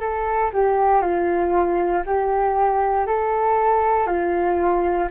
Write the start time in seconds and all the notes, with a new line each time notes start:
0.00 A4
0.53 G4
1.02 F4
2.06 G4
3.07 A4
4.07 F4